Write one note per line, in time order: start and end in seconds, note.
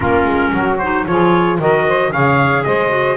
0.00 0.25 A#3
0.00 0.76 C#4
0.00 0.52 F4
0.00 0.78 A#4
0.25 0.51 G#3
0.53 1.06 F#3
0.53 1.06 F#4
0.78 1.07 D#4
0.78 1.05 C5
1.06 1.59 F3
1.06 1.59 F4
1.06 1.59 G#4
1.06 1.59 C#5
1.59 2.12 D#3
1.59 2.12 F#4
1.59 1.86 A#4
1.59 2.12 D#5
1.87 2.11 C5
2.11 2.65 C#3
2.11 2.88 G#4
2.11 2.64 C#5
2.11 2.64 F5
2.64 3.17 G#3
2.64 3.17 C5
2.64 3.17 D#5
2.88 3.15 F#4